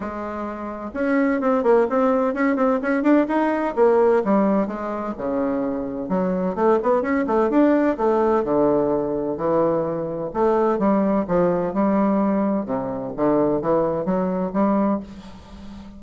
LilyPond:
\new Staff \with { instrumentName = "bassoon" } { \time 4/4 \tempo 4 = 128 gis2 cis'4 c'8 ais8 | c'4 cis'8 c'8 cis'8 d'8 dis'4 | ais4 g4 gis4 cis4~ | cis4 fis4 a8 b8 cis'8 a8 |
d'4 a4 d2 | e2 a4 g4 | f4 g2 c4 | d4 e4 fis4 g4 | }